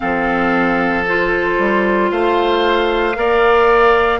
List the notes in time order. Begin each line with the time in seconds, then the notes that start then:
0.00 F3 C4 A4 F5
1.08 F4 C5
1.59 G3
2.11 A3 C5 F5
3.14 A#3 A#4 D5